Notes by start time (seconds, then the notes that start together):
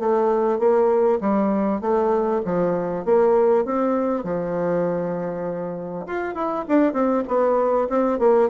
0.00 A3
0.60 A#3
1.21 G3
1.82 A3
2.45 F3
3.06 A#3
3.66 C4
4.25 F3
6.07 F4
6.35 E4
6.69 D4
6.94 C4
7.28 B3
7.90 C4
8.20 A#3